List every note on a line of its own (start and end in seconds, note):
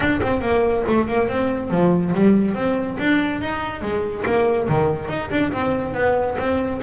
0.00 0.20 D4
0.22 0.41 C4
0.41 0.83 A#3
0.87 1.07 A3
1.07 1.28 A#3
1.28 1.70 C4
1.70 2.13 F3
2.14 2.54 G3
2.54 2.97 C4
2.99 3.41 D4
3.41 3.81 D#4
3.81 4.24 G#3
4.25 4.68 A#3
4.68 5.08 D#3
5.08 5.29 D#4
5.31 5.52 D4
5.52 5.94 C4
5.94 6.36 B3
6.38 6.81 C4